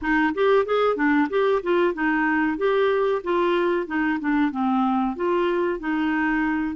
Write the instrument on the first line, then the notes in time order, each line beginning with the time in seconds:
clarinet
0.01 D#4
0.34 G4
0.65 G#4
0.95 D4
1.29 G4
1.62 F4
1.94 D#4
2.57 G4
3.23 F4
3.87 D#4
4.20 D4
4.51 C4
5.16 F4
5.79 D#4